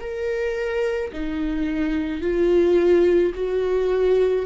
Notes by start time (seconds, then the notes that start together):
0.00 A#4
1.13 D#4
2.21 F4
3.34 F#4